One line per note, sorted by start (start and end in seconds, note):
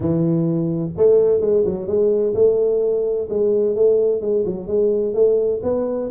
0.00 0.90 E3
0.97 1.40 A3
1.40 1.64 G#3
1.65 1.87 F#3
1.87 2.34 G#3
2.34 3.28 A3
3.29 3.75 G#3
3.75 4.21 A3
4.21 4.44 G#3
4.45 4.67 F#3
4.67 5.13 G#3
5.13 5.60 A3
5.62 6.09 B3